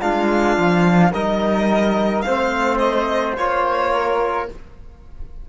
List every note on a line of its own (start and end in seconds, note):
0.00 0.57 G#3
0.00 1.12 D4
0.00 1.11 F4
0.00 1.11 F5
0.57 1.12 F3
1.12 2.23 G3
1.12 2.24 D#4
1.12 2.25 A#4
1.12 2.21 D#5
2.21 3.37 A3
2.21 3.36 C4
2.21 3.92 C5
2.21 2.77 F5
2.78 3.34 D#5
3.37 4.48 A#3
3.37 4.48 F4
3.37 4.48 C#5
3.93 4.48 A#4